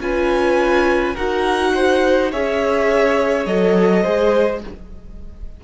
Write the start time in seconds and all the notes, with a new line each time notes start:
0.00 C#4 F4 B4 G#5
1.14 D#4 F#4 A#4 F#5
1.75 C5
2.32 C#4 G#4 C#5 E5
3.46 F#3 A4 D#5
4.03 G#3 G#4 C5